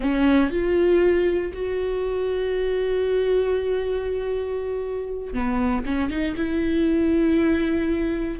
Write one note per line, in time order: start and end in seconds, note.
0.00 0.50 C#4
0.50 1.52 F4
1.53 5.33 F#4
5.33 5.84 B3
5.85 6.09 C#4
6.09 6.35 D#4
6.36 8.39 E4